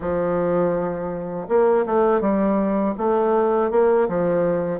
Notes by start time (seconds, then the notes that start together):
0.00 F3
1.48 A#3
1.86 A3
2.21 G3
2.97 A3
3.70 A#3
4.08 F3